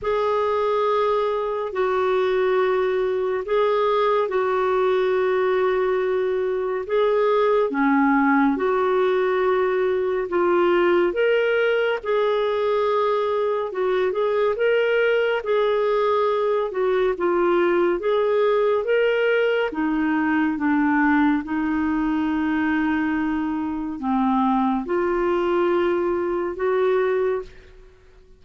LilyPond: \new Staff \with { instrumentName = "clarinet" } { \time 4/4 \tempo 4 = 70 gis'2 fis'2 | gis'4 fis'2. | gis'4 cis'4 fis'2 | f'4 ais'4 gis'2 |
fis'8 gis'8 ais'4 gis'4. fis'8 | f'4 gis'4 ais'4 dis'4 | d'4 dis'2. | c'4 f'2 fis'4 | }